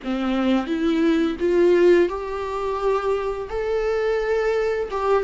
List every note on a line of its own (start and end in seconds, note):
0.03 0.66 C4
0.66 1.36 E4
1.39 2.09 F4
2.09 3.48 G4
3.49 4.89 A4
4.91 5.23 G4